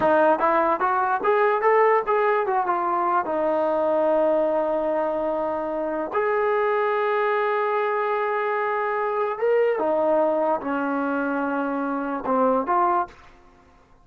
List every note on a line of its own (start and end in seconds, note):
0.00 0.39 D#4
0.39 0.80 E4
0.80 1.21 F#4
1.23 1.61 G#4
1.61 2.02 A4
2.06 2.46 G#4
2.46 2.66 F#4
2.66 3.25 F4
3.25 6.11 D#4
6.13 9.38 G#4
9.38 9.78 A#4
9.78 10.60 D#4
10.60 12.24 C#4
12.25 12.66 C4
12.66 13.07 F4